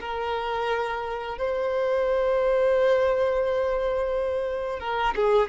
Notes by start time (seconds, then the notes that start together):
0.00 A#4
1.38 C5
4.80 A#4
5.16 G#4